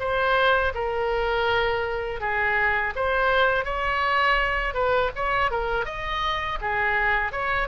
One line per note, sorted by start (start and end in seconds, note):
0.00 0.73 C5
0.75 2.21 A#4
2.21 2.94 G#4
2.96 3.66 C5
3.66 4.75 C#5
4.75 5.11 B4
5.16 5.51 C#5
5.51 5.86 A#4
5.86 6.59 D#5
6.62 7.32 G#4
7.32 7.69 C#5